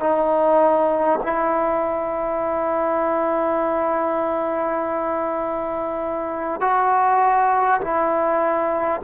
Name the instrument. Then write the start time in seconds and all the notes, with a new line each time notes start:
trombone
0.00 D#4
1.23 E4
6.61 F#4
7.81 E4